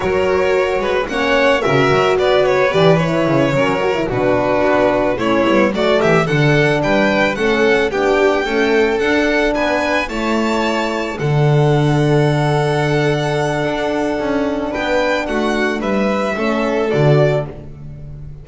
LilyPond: <<
  \new Staff \with { instrumentName = "violin" } { \time 4/4 \tempo 4 = 110 cis''2 fis''4 e''4 | d''8 cis''8 d''8 cis''2 b'8~ | b'4. cis''4 d''8 e''8 fis''8~ | fis''8 g''4 fis''4 g''4.~ |
g''8 fis''4 gis''4 a''4.~ | a''8 fis''2.~ fis''8~ | fis''2. g''4 | fis''4 e''2 d''4 | }
  \new Staff \with { instrumentName = "violin" } { \time 4/4 ais'4. b'8 cis''4 ais'4 | b'2~ b'8 ais'4 fis'8~ | fis'4. e'4 fis'8 g'8 a'8~ | a'8 b'4 a'4 g'4 a'8~ |
a'4. b'4 cis''4.~ | cis''8 a'2.~ a'8~ | a'2. b'4 | fis'4 b'4 a'2 | }
  \new Staff \with { instrumentName = "horn" } { \time 4/4 fis'2 cis'4 fis'4~ | fis'4 g'8 e'4 cis'8 fis'16 e'16 d'8~ | d'4. cis'8 b8 a4 d'8~ | d'4. cis'4 d'4 a8~ |
a8 d'2 e'4.~ | e'8 d'2.~ d'8~ | d'1~ | d'2 cis'4 fis'4 | }
  \new Staff \with { instrumentName = "double bass" } { \time 4/4 fis4. gis8 ais4 cis8 fis8 | b4 e4 cis8 fis4 b,8~ | b,8 b4 a8 g8 fis8 e8 d8~ | d8 g4 a4 b4 cis'8~ |
cis'8 d'4 b4 a4.~ | a8 d2.~ d8~ | d4 d'4 cis'4 b4 | a4 g4 a4 d4 | }
>>